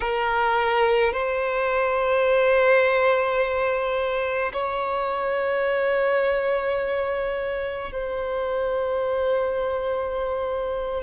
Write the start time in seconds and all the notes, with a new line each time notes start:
0.00 A#4
1.13 C5
4.52 C#5
7.92 C5